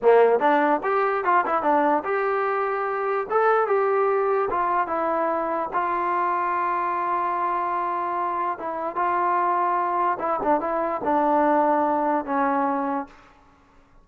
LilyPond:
\new Staff \with { instrumentName = "trombone" } { \time 4/4 \tempo 4 = 147 ais4 d'4 g'4 f'8 e'8 | d'4 g'2. | a'4 g'2 f'4 | e'2 f'2~ |
f'1~ | f'4 e'4 f'2~ | f'4 e'8 d'8 e'4 d'4~ | d'2 cis'2 | }